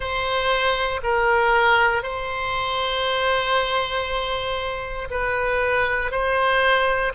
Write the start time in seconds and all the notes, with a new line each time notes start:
0.00 C5
1.03 A#4
2.02 C5
5.10 B4
6.11 C5